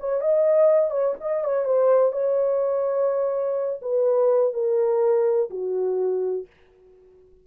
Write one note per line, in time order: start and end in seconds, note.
0.00 0.21 C#5
0.21 0.91 D#5
0.91 1.15 C#5
1.20 1.44 D#5
1.44 1.65 C#5
1.65 2.13 C5
2.13 3.81 C#5
3.82 4.54 B4
4.54 5.50 A#4
5.51 6.47 F#4